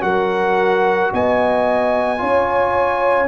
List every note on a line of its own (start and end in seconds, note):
0.00 1.11 F#3
0.00 2.17 F#4
0.00 1.12 A#4
0.00 1.11 F#5
1.12 2.21 B3
1.12 2.20 D#5
1.12 3.27 G#5
2.17 3.27 C#4
2.17 3.26 F4
2.17 3.27 C#5